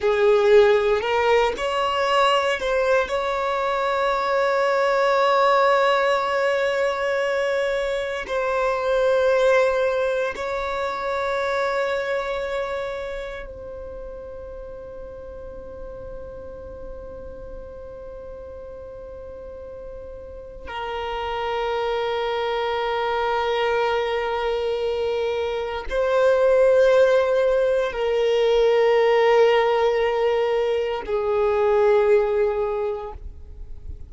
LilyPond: \new Staff \with { instrumentName = "violin" } { \time 4/4 \tempo 4 = 58 gis'4 ais'8 cis''4 c''8 cis''4~ | cis''1 | c''2 cis''2~ | cis''4 c''2.~ |
c''1 | ais'1~ | ais'4 c''2 ais'4~ | ais'2 gis'2 | }